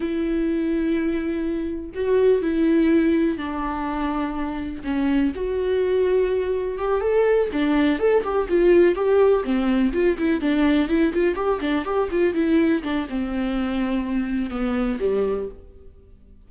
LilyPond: \new Staff \with { instrumentName = "viola" } { \time 4/4 \tempo 4 = 124 e'1 | fis'4 e'2 d'4~ | d'2 cis'4 fis'4~ | fis'2 g'8 a'4 d'8~ |
d'8 a'8 g'8 f'4 g'4 c'8~ | c'8 f'8 e'8 d'4 e'8 f'8 g'8 | d'8 g'8 f'8 e'4 d'8 c'4~ | c'2 b4 g4 | }